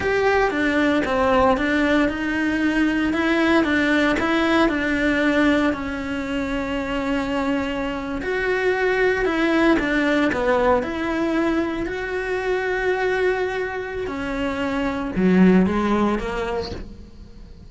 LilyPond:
\new Staff \with { instrumentName = "cello" } { \time 4/4 \tempo 4 = 115 g'4 d'4 c'4 d'4 | dis'2 e'4 d'4 | e'4 d'2 cis'4~ | cis'2.~ cis'8. fis'16~ |
fis'4.~ fis'16 e'4 d'4 b16~ | b8. e'2 fis'4~ fis'16~ | fis'2. cis'4~ | cis'4 fis4 gis4 ais4 | }